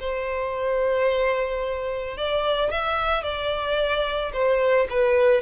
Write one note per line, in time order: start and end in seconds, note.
0.00 2.18 C5
2.18 2.71 D5
2.71 3.23 E5
3.23 4.32 D5
4.33 4.88 C5
4.90 5.42 B4